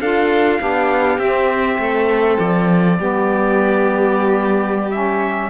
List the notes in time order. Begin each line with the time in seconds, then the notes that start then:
0.00 D4 F4 A4 F5
0.59 B3 D4 G4
1.18 C4 E5
1.78 A3 A4
2.38 F3 D5
2.98 G3 B3 G4
4.91 C#4 E5